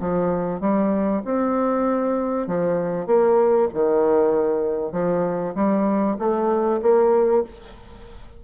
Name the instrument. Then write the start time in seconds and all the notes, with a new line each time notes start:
bassoon
0.00 F3
0.60 G3
1.25 C4
2.47 F3
3.06 A#3
3.73 D#3
4.92 F3
5.55 G3
6.19 A3
6.82 A#3